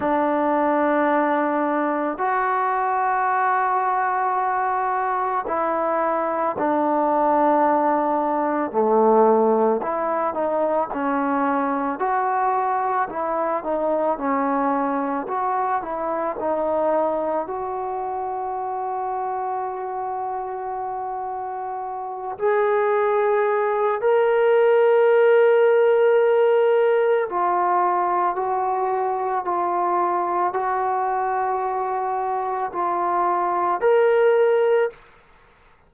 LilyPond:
\new Staff \with { instrumentName = "trombone" } { \time 4/4 \tempo 4 = 55 d'2 fis'2~ | fis'4 e'4 d'2 | a4 e'8 dis'8 cis'4 fis'4 | e'8 dis'8 cis'4 fis'8 e'8 dis'4 |
fis'1~ | fis'8 gis'4. ais'2~ | ais'4 f'4 fis'4 f'4 | fis'2 f'4 ais'4 | }